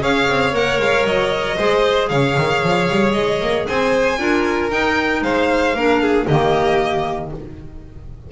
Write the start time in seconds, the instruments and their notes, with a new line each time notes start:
0.00 double bass C#4, clarinet G#4, violin C#5 F5
0.28 double bass C4
0.52 double bass A#3, clarinet A#4, violin F#5
0.79 double bass G#3, violin F5
1.04 double bass F#3, violin D#5
1.57 double bass G#3, clarinet G#4, violin C5
2.08 double bass C#3, violin C#5 F5
2.37 double bass D#3
2.63 double bass F3
2.89 double bass G3
3.12 double bass G#3, violin D#5
3.41 double bass A#3
3.67 double bass C4, violin C5 G#5
4.18 double bass D4, clarinet F4, violin A#4
4.70 clarinet D#4, double bass D#4, violin G5
5.22 double bass G#3, violin C5 F5
5.73 double bass A#3, clarinet D4, violin A#4
6.02 violin G#4
6.27 double bass D#3, clarinet A#3, violin G4 D#5